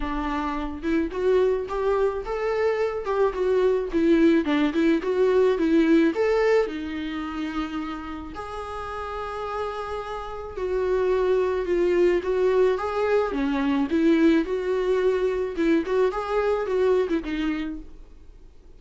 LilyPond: \new Staff \with { instrumentName = "viola" } { \time 4/4 \tempo 4 = 108 d'4. e'8 fis'4 g'4 | a'4. g'8 fis'4 e'4 | d'8 e'8 fis'4 e'4 a'4 | dis'2. gis'4~ |
gis'2. fis'4~ | fis'4 f'4 fis'4 gis'4 | cis'4 e'4 fis'2 | e'8 fis'8 gis'4 fis'8. e'16 dis'4 | }